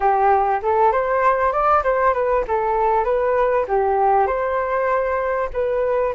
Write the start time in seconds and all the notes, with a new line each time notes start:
0.00 G4
0.62 A4
0.92 C5
1.52 D5
1.83 C5
2.13 B4
2.47 A4
3.04 B4
3.68 G4
4.27 C5
5.53 B4